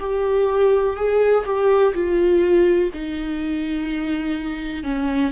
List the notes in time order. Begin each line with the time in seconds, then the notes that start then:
0.00 G4
0.97 G#4
1.46 G4
1.94 F4
2.93 D#4
4.84 C#4